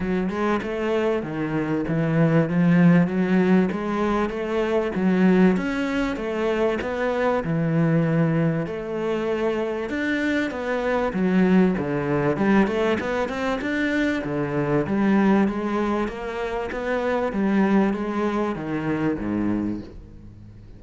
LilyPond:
\new Staff \with { instrumentName = "cello" } { \time 4/4 \tempo 4 = 97 fis8 gis8 a4 dis4 e4 | f4 fis4 gis4 a4 | fis4 cis'4 a4 b4 | e2 a2 |
d'4 b4 fis4 d4 | g8 a8 b8 c'8 d'4 d4 | g4 gis4 ais4 b4 | g4 gis4 dis4 gis,4 | }